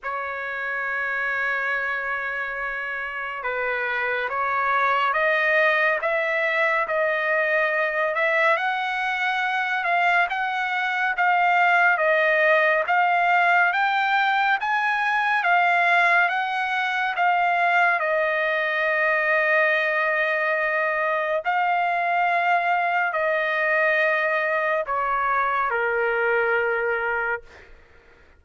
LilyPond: \new Staff \with { instrumentName = "trumpet" } { \time 4/4 \tempo 4 = 70 cis''1 | b'4 cis''4 dis''4 e''4 | dis''4. e''8 fis''4. f''8 | fis''4 f''4 dis''4 f''4 |
g''4 gis''4 f''4 fis''4 | f''4 dis''2.~ | dis''4 f''2 dis''4~ | dis''4 cis''4 ais'2 | }